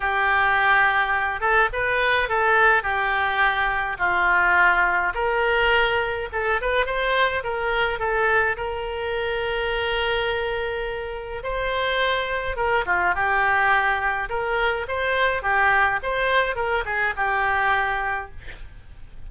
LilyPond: \new Staff \with { instrumentName = "oboe" } { \time 4/4 \tempo 4 = 105 g'2~ g'8 a'8 b'4 | a'4 g'2 f'4~ | f'4 ais'2 a'8 b'8 | c''4 ais'4 a'4 ais'4~ |
ais'1 | c''2 ais'8 f'8 g'4~ | g'4 ais'4 c''4 g'4 | c''4 ais'8 gis'8 g'2 | }